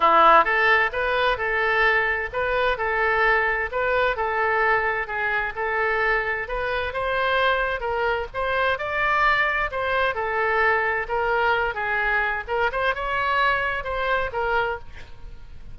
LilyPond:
\new Staff \with { instrumentName = "oboe" } { \time 4/4 \tempo 4 = 130 e'4 a'4 b'4 a'4~ | a'4 b'4 a'2 | b'4 a'2 gis'4 | a'2 b'4 c''4~ |
c''4 ais'4 c''4 d''4~ | d''4 c''4 a'2 | ais'4. gis'4. ais'8 c''8 | cis''2 c''4 ais'4 | }